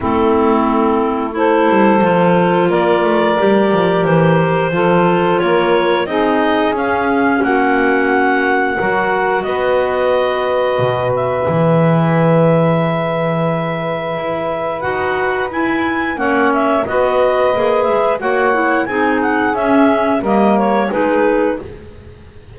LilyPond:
<<
  \new Staff \with { instrumentName = "clarinet" } { \time 4/4 \tempo 4 = 89 a'2 c''2 | d''2 c''2 | cis''4 dis''4 f''4 fis''4~ | fis''2 dis''2~ |
dis''8 e''2.~ e''8~ | e''2 fis''4 gis''4 | fis''8 e''8 dis''4. e''8 fis''4 | gis''8 fis''8 e''4 dis''8 cis''8 b'4 | }
  \new Staff \with { instrumentName = "saxophone" } { \time 4/4 e'2 a'2 | ais'2. a'4 | ais'4 gis'2 fis'4~ | fis'4 ais'4 b'2~ |
b'1~ | b'1 | cis''4 b'2 cis''4 | gis'2 ais'4 gis'4 | }
  \new Staff \with { instrumentName = "clarinet" } { \time 4/4 c'2 e'4 f'4~ | f'4 g'2 f'4~ | f'4 dis'4 cis'2~ | cis'4 fis'2.~ |
fis'4 gis'2.~ | gis'2 fis'4 e'4 | cis'4 fis'4 gis'4 fis'8 e'8 | dis'4 cis'4 ais4 dis'4 | }
  \new Staff \with { instrumentName = "double bass" } { \time 4/4 a2~ a8 g8 f4 | ais8 a8 g8 f8 e4 f4 | ais4 c'4 cis'4 ais4~ | ais4 fis4 b2 |
b,4 e2.~ | e4 e'4 dis'4 e'4 | ais4 b4 ais8 gis8 ais4 | c'4 cis'4 g4 gis4 | }
>>